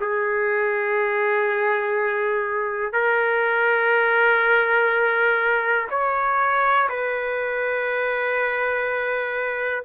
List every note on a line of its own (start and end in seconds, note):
0.00 2.92 G#4
2.92 5.87 A#4
5.90 6.89 C#5
6.89 9.84 B4